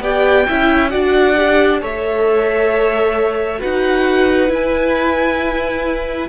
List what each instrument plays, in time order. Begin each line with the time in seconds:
0.00 cello B3, viola G4, violin D5 G5
0.48 cello C#4, viola E4, violin E5
0.90 cello D4, viola F#4, violin D5 F#5
1.36 viola G4
1.81 cello A3, viola A4, violin C#5 E5
3.58 cello D#4, viola F#4, violin B4 F#5
4.47 viola E4, cello E4
4.54 violin G#5